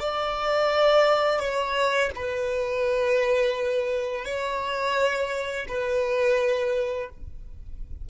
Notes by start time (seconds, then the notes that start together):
0.00 D5
1.40 C#5
2.16 B4
4.25 C#5
5.69 B4